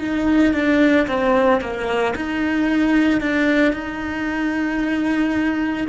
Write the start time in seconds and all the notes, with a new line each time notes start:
0.00 D#4
0.54 D4
1.08 C4
1.61 A#3
2.16 D#4
3.21 D4
3.73 D#4